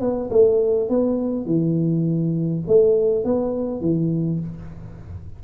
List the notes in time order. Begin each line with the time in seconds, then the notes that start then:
0.00 B3
0.30 A3
0.89 B3
1.45 E3
2.67 A3
3.24 B3
3.80 E3